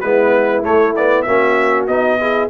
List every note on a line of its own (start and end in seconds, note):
0.00 0.64 G#3
0.00 0.63 B3
0.00 1.25 E4
0.00 0.62 B4
0.63 0.94 A3
0.63 1.26 A3
0.63 0.95 C#5
0.95 1.26 B3
0.95 1.22 D5
1.22 1.87 A#3
1.22 1.88 C#4
1.22 2.18 F#4
1.22 1.84 E5
1.87 2.49 B3
1.87 2.19 D#4
1.87 2.48 D#5
2.20 2.49 E4
2.20 2.49 G#4